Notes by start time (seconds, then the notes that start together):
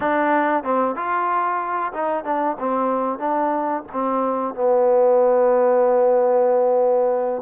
0.00 D4
0.63 C4
0.95 F4
1.92 D#4
2.24 D4
2.59 C4
3.18 D4
3.92 C4
4.54 B3